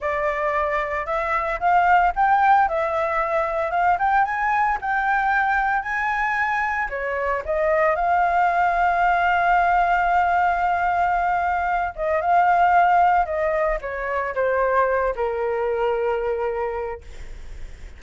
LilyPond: \new Staff \with { instrumentName = "flute" } { \time 4/4 \tempo 4 = 113 d''2 e''4 f''4 | g''4 e''2 f''8 g''8 | gis''4 g''2 gis''4~ | gis''4 cis''4 dis''4 f''4~ |
f''1~ | f''2~ f''8 dis''8 f''4~ | f''4 dis''4 cis''4 c''4~ | c''8 ais'2.~ ais'8 | }